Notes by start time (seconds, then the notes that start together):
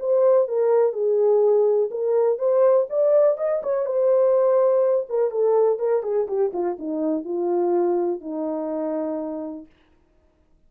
0.00 C5
0.48 A#4
0.93 G#4
1.91 A#4
2.39 C5
2.90 D5
3.38 D#5
3.63 C#5
3.86 C5
5.10 A#4
5.31 A4
5.80 A#4
6.03 G#4
6.28 G4
6.54 F4
6.79 D#4
7.25 F4
8.21 D#4